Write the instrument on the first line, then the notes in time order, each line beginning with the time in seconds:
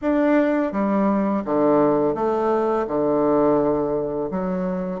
bassoon
0.01 D4
0.72 G3
1.44 D3
2.15 A3
2.87 D3
4.31 F#3